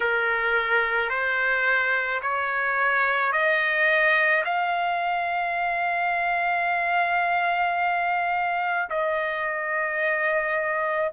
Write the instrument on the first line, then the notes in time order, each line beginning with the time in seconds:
trumpet
0.00 A#4
1.09 C5
2.22 C#5
3.32 D#5
4.44 F5
8.89 D#5